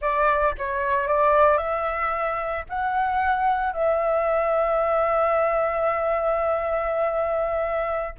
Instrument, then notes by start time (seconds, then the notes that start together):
flute
0.01 D5
0.57 C#5
1.07 D5
1.57 E5
2.69 F#5
3.73 E5